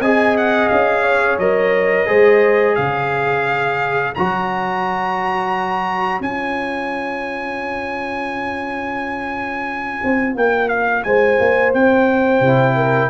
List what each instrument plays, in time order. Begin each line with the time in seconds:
0.00 tuba C4, trombone G#4, horn D#5, trumpet G#5
0.37 trumpet F#5
0.68 tuba C#4, trumpet F5
1.03 horn C#5
1.38 tuba F#3, trombone A#4, trumpet D#5
2.06 tuba G#3, trombone G#4, horn C5
2.75 tuba C#3, horn C#5, trumpet F5
4.14 tuba F#3, trombone F#4, trumpet A#5
6.20 tuba C#4, trombone F4, trumpet G#5
10.03 tuba C4
10.35 tuba A#3, trumpet G5
10.68 trumpet F5
11.03 tuba G#3, horn C5, trumpet G#5
11.39 tuba A#3
11.73 tuba C4, trumpet G5
12.40 tuba C3, trombone E4
12.76 horn A#4